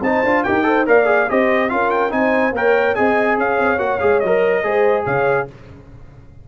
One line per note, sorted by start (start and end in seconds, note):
0.00 0.21 C4
0.00 0.25 D#4
0.00 0.44 C5
0.00 0.43 A5
0.23 0.44 D4
0.23 0.45 F4
0.43 0.87 D#4
0.43 0.63 G4
0.43 0.65 A#4
0.43 0.85 G5
0.63 0.84 A4
0.63 0.87 C5
0.86 1.29 A#3
0.86 1.05 A#4
0.86 1.29 D5
0.86 1.30 F5
1.05 1.26 G#4
1.28 1.71 C4
1.28 1.69 G4
1.28 1.71 C5
1.28 1.69 D#5
1.69 2.11 C#4
1.69 2.09 F4
1.69 2.14 A#4
1.69 1.90 F5
1.90 2.11 G5
2.09 2.51 C4
2.09 2.51 D#4
2.09 2.55 C5
2.09 2.53 G#5
2.51 2.93 A#3
2.51 2.95 A#4
2.51 2.95 C#5
2.51 2.95 G5
2.95 3.37 C4
2.95 3.78 G#4
2.95 3.37 D#5
2.95 3.37 G#5
3.37 3.58 C#4
3.37 4.63 C#5
3.37 3.78 F5
3.58 3.78 C4
3.78 3.99 A#3
3.78 3.99 F#4
3.78 3.99 F#5
3.99 4.23 G#3
3.99 4.21 G#4
3.99 4.20 F5
4.20 4.63 F#3
4.20 5.03 D#5
4.26 4.63 A#4
4.63 5.05 G#3
4.63 5.47 G#4
4.63 5.04 C5
5.04 5.48 C#3
5.04 5.46 C#5
5.04 5.47 F5